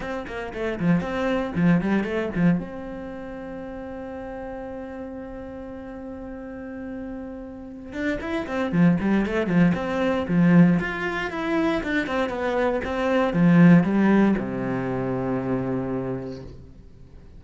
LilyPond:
\new Staff \with { instrumentName = "cello" } { \time 4/4 \tempo 4 = 117 c'8 ais8 a8 f8 c'4 f8 g8 | a8 f8 c'2.~ | c'1~ | c'2.~ c'8 d'8 |
e'8 c'8 f8 g8 a8 f8 c'4 | f4 f'4 e'4 d'8 c'8 | b4 c'4 f4 g4 | c1 | }